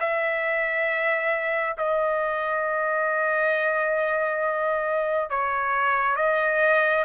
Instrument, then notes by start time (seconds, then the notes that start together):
trumpet
0.00 E5
1.78 D#5
5.30 C#5
6.16 D#5